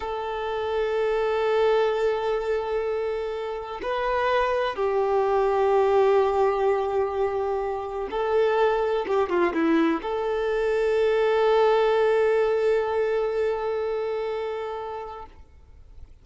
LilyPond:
\new Staff \with { instrumentName = "violin" } { \time 4/4 \tempo 4 = 126 a'1~ | a'1 | b'2 g'2~ | g'1~ |
g'4 a'2 g'8 f'8 | e'4 a'2.~ | a'1~ | a'1 | }